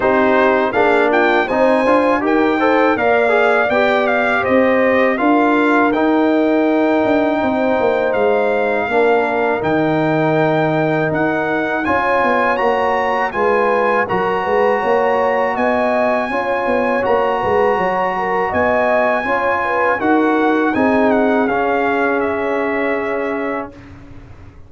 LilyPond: <<
  \new Staff \with { instrumentName = "trumpet" } { \time 4/4 \tempo 4 = 81 c''4 f''8 g''8 gis''4 g''4 | f''4 g''8 f''8 dis''4 f''4 | g''2. f''4~ | f''4 g''2 fis''4 |
gis''4 ais''4 gis''4 ais''4~ | ais''4 gis''2 ais''4~ | ais''4 gis''2 fis''4 | gis''8 fis''8 f''4 e''2 | }
  \new Staff \with { instrumentName = "horn" } { \time 4/4 g'4 gis'8 f'8 c''4 ais'8 c''8 | d''2 c''4 ais'4~ | ais'2 c''2 | ais'1 |
cis''2 b'4 ais'8 b'8 | cis''4 dis''4 cis''4. b'8 | cis''8 ais'8 dis''4 cis''8 b'8 ais'4 | gis'1 | }
  \new Staff \with { instrumentName = "trombone" } { \time 4/4 dis'4 d'4 dis'8 f'8 g'8 a'8 | ais'8 gis'8 g'2 f'4 | dis'1 | d'4 dis'2. |
f'4 fis'4 f'4 fis'4~ | fis'2 f'4 fis'4~ | fis'2 f'4 fis'4 | dis'4 cis'2. | }
  \new Staff \with { instrumentName = "tuba" } { \time 4/4 c'4 ais4 c'8 d'8 dis'4 | ais4 b4 c'4 d'4 | dis'4. d'8 c'8 ais8 gis4 | ais4 dis2 dis'4 |
cis'8 b8 ais4 gis4 fis8 gis8 | ais4 b4 cis'8 b8 ais8 gis8 | fis4 b4 cis'4 dis'4 | c'4 cis'2. | }
>>